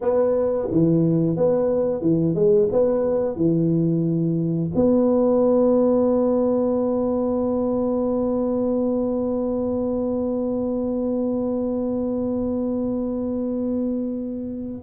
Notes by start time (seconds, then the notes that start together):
0.01 B3
0.71 E3
1.36 B3
2.01 E3
2.34 G#3
2.72 B3
3.36 E3
4.75 B3